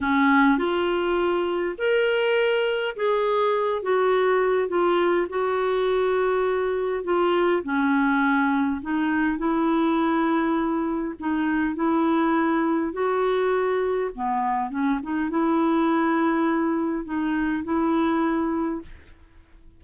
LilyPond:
\new Staff \with { instrumentName = "clarinet" } { \time 4/4 \tempo 4 = 102 cis'4 f'2 ais'4~ | ais'4 gis'4. fis'4. | f'4 fis'2. | f'4 cis'2 dis'4 |
e'2. dis'4 | e'2 fis'2 | b4 cis'8 dis'8 e'2~ | e'4 dis'4 e'2 | }